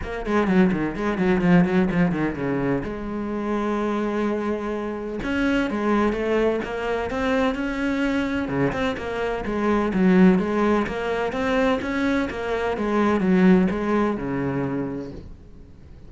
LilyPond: \new Staff \with { instrumentName = "cello" } { \time 4/4 \tempo 4 = 127 ais8 gis8 fis8 dis8 gis8 fis8 f8 fis8 | f8 dis8 cis4 gis2~ | gis2. cis'4 | gis4 a4 ais4 c'4 |
cis'2 cis8 c'8 ais4 | gis4 fis4 gis4 ais4 | c'4 cis'4 ais4 gis4 | fis4 gis4 cis2 | }